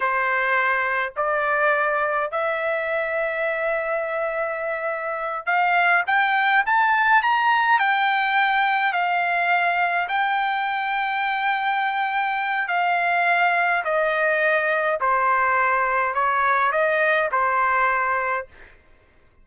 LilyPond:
\new Staff \with { instrumentName = "trumpet" } { \time 4/4 \tempo 4 = 104 c''2 d''2 | e''1~ | e''4. f''4 g''4 a''8~ | a''8 ais''4 g''2 f''8~ |
f''4. g''2~ g''8~ | g''2 f''2 | dis''2 c''2 | cis''4 dis''4 c''2 | }